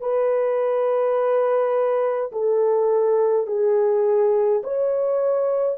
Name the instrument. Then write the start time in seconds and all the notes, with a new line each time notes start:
horn
0.00 B4
2.32 A4
3.47 G#4
4.64 C#5